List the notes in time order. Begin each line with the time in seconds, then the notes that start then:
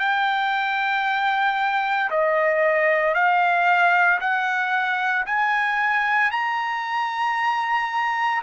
0.00 G5
2.11 D#5
3.15 F5
4.21 F#5
5.26 G#5
6.32 A#5